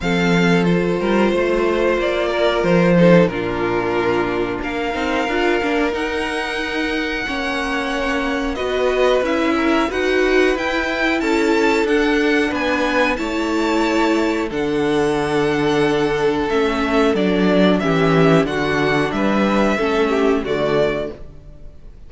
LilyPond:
<<
  \new Staff \with { instrumentName = "violin" } { \time 4/4 \tempo 4 = 91 f''4 c''2 d''4 | c''4 ais'2 f''4~ | f''4 fis''2.~ | fis''4 dis''4 e''4 fis''4 |
g''4 a''4 fis''4 gis''4 | a''2 fis''2~ | fis''4 e''4 d''4 e''4 | fis''4 e''2 d''4 | }
  \new Staff \with { instrumentName = "violin" } { \time 4/4 a'4. ais'8 c''4. ais'8~ | ais'8 a'8 f'2 ais'4~ | ais'2. cis''4~ | cis''4 b'4. ais'8 b'4~ |
b'4 a'2 b'4 | cis''2 a'2~ | a'2. g'4 | fis'4 b'4 a'8 g'8 fis'4 | }
  \new Staff \with { instrumentName = "viola" } { \time 4/4 c'4 f'2.~ | f'8 dis'8 d'2~ d'8 dis'8 | f'8 d'8 dis'2 cis'4~ | cis'4 fis'4 e'4 fis'4 |
e'2 d'2 | e'2 d'2~ | d'4 cis'4 d'4 cis'4 | d'2 cis'4 a4 | }
  \new Staff \with { instrumentName = "cello" } { \time 4/4 f4. g8 a4 ais4 | f4 ais,2 ais8 c'8 | d'8 ais8 dis'2 ais4~ | ais4 b4 cis'4 dis'4 |
e'4 cis'4 d'4 b4 | a2 d2~ | d4 a4 fis4 e4 | d4 g4 a4 d4 | }
>>